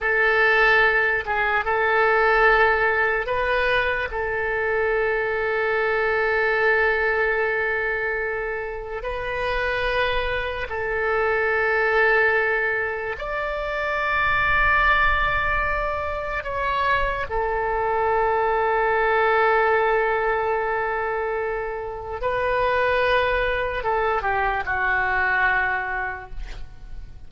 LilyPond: \new Staff \with { instrumentName = "oboe" } { \time 4/4 \tempo 4 = 73 a'4. gis'8 a'2 | b'4 a'2.~ | a'2. b'4~ | b'4 a'2. |
d''1 | cis''4 a'2.~ | a'2. b'4~ | b'4 a'8 g'8 fis'2 | }